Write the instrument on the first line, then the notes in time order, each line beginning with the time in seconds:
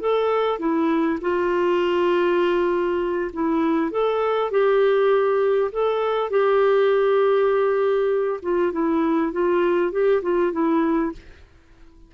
clarinet
0.00 A4
0.59 E4
1.21 F4
3.33 E4
3.91 A4
4.51 G4
5.72 A4
6.30 G4
8.42 F4
8.72 E4
9.32 F4
9.92 G4
10.22 F4
10.52 E4